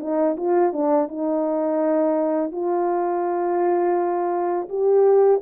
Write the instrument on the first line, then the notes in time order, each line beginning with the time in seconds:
horn
0.00 D#4
0.37 F4
0.73 D4
1.08 D#4
2.52 F4
4.69 G4